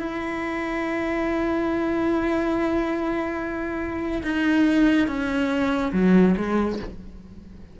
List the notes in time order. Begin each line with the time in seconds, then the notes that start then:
0.00 E4
4.23 D#4
5.07 C#4
5.93 F#3
6.38 G#3